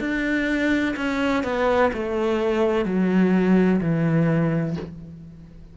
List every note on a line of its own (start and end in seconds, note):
0.00 0.95 D4
0.97 1.44 C#4
1.44 1.91 B3
1.93 2.86 A3
2.86 3.81 F#3
3.81 4.76 E3